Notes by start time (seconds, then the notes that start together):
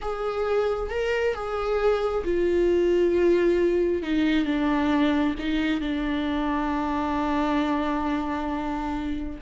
0.01 G#4
0.90 A#4
1.34 G#4
2.24 F4
4.02 D#4
4.45 D4
5.38 D#4
5.81 D4